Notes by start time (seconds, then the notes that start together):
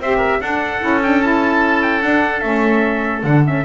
0.00 C4 G4 C5 E5
0.17 A#4
0.41 D4 A4 F#5
0.81 C#4 E4
1.03 D4 G5
1.23 E4 A5
1.83 G5
2.02 D4 F#5
2.41 A3 C#4 E5
3.24 D3 D4 F#5
3.45 C#4 E5